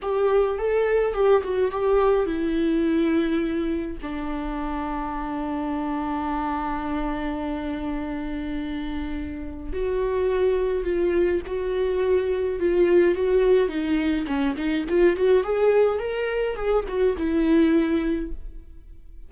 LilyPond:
\new Staff \with { instrumentName = "viola" } { \time 4/4 \tempo 4 = 105 g'4 a'4 g'8 fis'8 g'4 | e'2. d'4~ | d'1~ | d'1~ |
d'4 fis'2 f'4 | fis'2 f'4 fis'4 | dis'4 cis'8 dis'8 f'8 fis'8 gis'4 | ais'4 gis'8 fis'8 e'2 | }